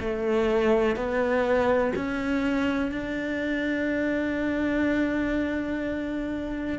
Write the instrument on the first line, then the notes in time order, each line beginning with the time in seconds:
cello
0.00 A3
0.96 B3
1.96 C#4
2.92 D4